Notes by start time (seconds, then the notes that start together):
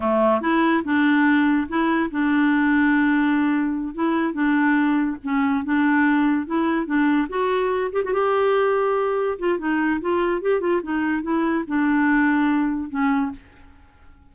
0.00 A3
0.41 E4
0.84 D4
1.68 E4
2.10 D4
3.94 E4
4.33 D4
5.23 C#4
5.64 D4
6.46 E4
6.86 D4
7.28 F#4
7.92 G4
8.04 F#4
8.13 G4
9.38 F4
9.58 D#4
10.00 F4
10.41 G4
10.60 F4
10.82 D#4
11.22 E4
11.67 D4
12.89 C#4